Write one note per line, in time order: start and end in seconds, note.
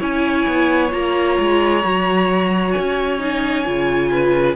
0.00 0.47 C#4
0.00 0.90 E4
0.00 4.09 C#5
0.00 0.94 G#5
0.48 0.93 B3
0.90 1.39 A#3
0.90 1.81 F4
0.90 2.73 A#5
1.40 1.84 G#3
1.84 2.75 F#3
1.84 3.19 F#4
2.73 3.68 C#4
2.73 4.54 G#5
3.19 3.65 D#4
3.65 4.56 C#3
3.65 4.56 F4
4.12 4.56 B4